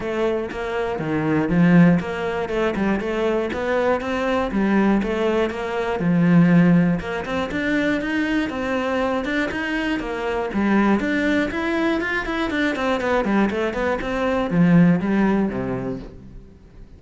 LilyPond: \new Staff \with { instrumentName = "cello" } { \time 4/4 \tempo 4 = 120 a4 ais4 dis4 f4 | ais4 a8 g8 a4 b4 | c'4 g4 a4 ais4 | f2 ais8 c'8 d'4 |
dis'4 c'4. d'8 dis'4 | ais4 g4 d'4 e'4 | f'8 e'8 d'8 c'8 b8 g8 a8 b8 | c'4 f4 g4 c4 | }